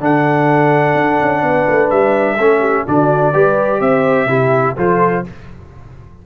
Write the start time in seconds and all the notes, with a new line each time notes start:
0.00 D3 D4 A4 F#5
0.95 D4
1.22 C#4
1.42 B3 B4
1.69 A3
1.90 G3 E5
2.34 A3 C#4 A4
2.60 G4
2.86 D3 D4 F#4 D5
3.33 G3 G4 B4
3.80 C4 C5 E5
4.26 C3 E4 G4
4.77 F3 F4 A4 C5